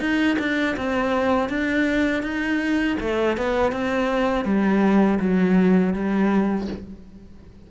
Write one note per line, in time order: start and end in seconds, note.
0.00 0.37 D#4
0.39 0.76 D4
0.77 1.49 C4
1.49 2.23 D4
2.23 2.97 D#4
3.00 3.37 A3
3.37 3.72 B3
3.72 4.45 C4
4.45 5.19 G3
5.20 5.93 F#3
5.93 6.67 G3